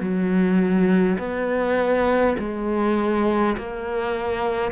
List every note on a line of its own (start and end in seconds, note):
0.00 1.18 F#3
1.18 2.35 B3
2.39 3.56 G#3
3.57 4.71 A#3